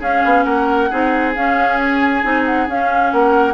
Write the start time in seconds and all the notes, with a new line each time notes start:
0.00 C#4 G#4 F5
0.25 B3
0.44 A#3 A#4 F#5
0.90 C4 D#4 G#4
1.36 C#4 F5
1.81 G#5
2.23 C4 D#4
2.46 F#5
2.68 C#4 F5
3.12 A#3 A#4 F#5